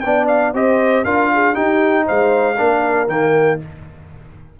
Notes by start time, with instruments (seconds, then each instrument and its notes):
0.00 tuba B3, trombone D4, horn D5, trumpet G5
0.28 trumpet F5
0.53 tuba C4, trombone G4, horn C5, trumpet D#5
1.05 tuba D4, trombone F4, horn A#4, trumpet F5
1.33 horn G#4
1.54 trombone D#4, tuba D#4, horn G4, trumpet G5
2.06 tuba G#3, horn C5, trumpet F5
2.57 tuba A#3, trombone D4, horn A#4
3.08 tuba D#3, trombone A#3, trumpet G5